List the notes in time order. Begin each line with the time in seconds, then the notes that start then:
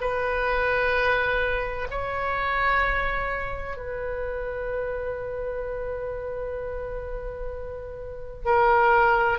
0.00 B4
1.90 C#5
3.76 B4
8.45 A#4